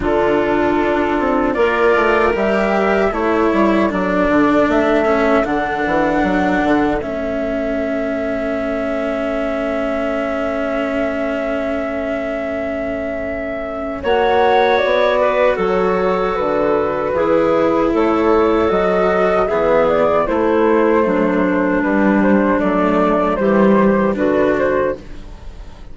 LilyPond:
<<
  \new Staff \with { instrumentName = "flute" } { \time 4/4 \tempo 4 = 77 a'2 d''4 e''4 | cis''4 d''4 e''4 fis''4~ | fis''4 e''2.~ | e''1~ |
e''2 fis''4 d''4 | cis''4 b'2 cis''4 | dis''4 e''8 d''8 c''2 | b'8 c''8 d''4 c''4 b'8 c''8 | }
  \new Staff \with { instrumentName = "clarinet" } { \time 4/4 f'2 ais'2 | a'1~ | a'1~ | a'1~ |
a'2 cis''4. b'8 | a'2 gis'4 a'4~ | a'4 gis'4 e'4 d'4~ | d'2 g'4 fis'4 | }
  \new Staff \with { instrumentName = "cello" } { \time 4/4 d'2 f'4 g'4 | e'4 d'4. cis'8 d'4~ | d'4 cis'2.~ | cis'1~ |
cis'2 fis'2~ | fis'2 e'2 | fis'4 b4 a2 | g4 a4 g4 d'4 | }
  \new Staff \with { instrumentName = "bassoon" } { \time 4/4 d4 d'8 c'8 ais8 a8 g4 | a8 g8 fis8 d8 a4 d8 e8 | fis8 d8 a2.~ | a1~ |
a2 ais4 b4 | fis4 d4 e4 a4 | fis4 e4 a4 fis4 | g4 fis4 e4 d4 | }
>>